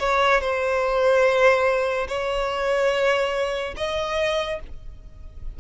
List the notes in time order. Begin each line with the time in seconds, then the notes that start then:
0.00 C#5
0.41 C5
2.08 C#5
3.77 D#5